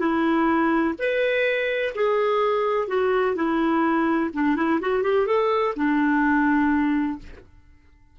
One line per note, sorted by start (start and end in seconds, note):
0.00 0.95 E4
0.99 1.94 B4
1.96 2.88 G#4
2.88 3.36 F#4
3.36 4.31 E4
4.34 4.57 D4
4.57 4.81 E4
4.81 5.03 F#4
5.03 5.27 G4
5.27 5.75 A4
5.76 7.19 D4